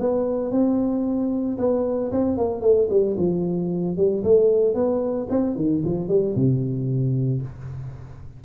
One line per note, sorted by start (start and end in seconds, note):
0.00 0.52 B3
0.52 1.58 C4
1.59 2.12 B3
2.12 2.37 C4
2.37 2.62 A#3
2.62 2.88 A3
2.90 3.17 G3
3.18 3.97 F3
3.97 4.24 G3
4.24 4.75 A3
4.75 5.28 B3
5.30 5.56 C4
5.56 5.83 D#3
5.85 6.09 F3
6.09 6.35 G3
6.36 7.42 C3